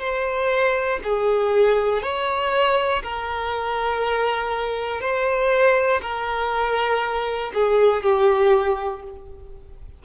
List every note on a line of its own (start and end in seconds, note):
0.00 1.00 C5
1.04 2.03 G#4
2.03 3.03 C#5
3.03 5.01 A#4
5.01 6.01 C5
6.02 7.52 A#4
7.54 8.03 G#4
8.03 9.03 G4